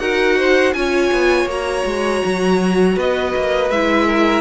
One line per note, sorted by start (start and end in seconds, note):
0.00 0.74 D#4
0.00 0.75 F#4
0.00 0.38 A#4
0.00 0.74 F#5
0.38 0.75 C5
0.74 1.11 C#4
0.74 1.49 F4
0.74 2.97 C#5
0.74 1.48 G#5
1.12 1.46 B3
1.46 1.83 A#3
1.46 3.72 F#4
1.46 2.99 A#5
1.86 2.23 G#3
2.25 2.97 F#3
2.97 3.34 B3
2.97 4.07 B4
2.97 3.71 D#5
3.36 3.70 A#3
3.70 4.41 G#3
3.70 4.41 E4
3.70 4.41 E5
4.07 4.41 A#4